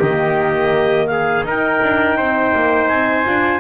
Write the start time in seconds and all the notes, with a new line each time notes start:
0.00 D#3 A#3 G4 D#5
1.08 G#4 F5
1.44 D#4 A#4 G5
1.83 D4
2.18 C4 C5
2.55 A#3
2.89 C4 G#5
3.25 D4 F4